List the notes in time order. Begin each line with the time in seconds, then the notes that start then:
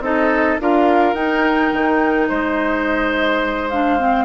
0.00 C4 D#4 A4 D#5
0.59 D4 F4 A#4 F5
1.13 D#4 G5
1.73 D#3
2.28 G#3 C5 D#5
3.70 D4 F5
3.98 C4